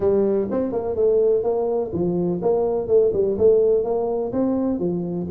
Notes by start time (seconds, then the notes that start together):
0.00 G3
0.50 C4
0.72 A#3
0.95 A3
1.43 A#3
1.92 F3
2.42 A#3
2.87 A3
3.13 G3
3.38 A3
3.84 A#3
4.32 C4
4.79 F3